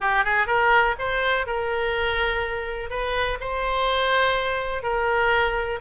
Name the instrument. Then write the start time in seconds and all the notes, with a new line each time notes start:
oboe
0.00 G4
0.24 G#4
0.46 A#4
0.98 C5
1.46 A#4
2.89 B4
3.40 C5
4.83 A#4